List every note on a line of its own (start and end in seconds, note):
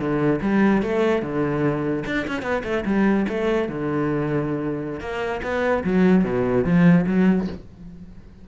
0.00 0.41 D3
0.42 0.83 G3
0.83 1.23 A3
1.23 2.04 D3
2.07 2.27 D4
2.28 2.43 C#4
2.43 2.63 B3
2.64 2.85 A3
2.86 3.27 G3
3.29 3.69 A3
3.69 5.01 D3
5.01 5.41 A#3
5.43 5.84 B3
5.84 6.25 F#3
6.25 6.65 B2
6.65 7.06 F3
7.07 7.48 F#3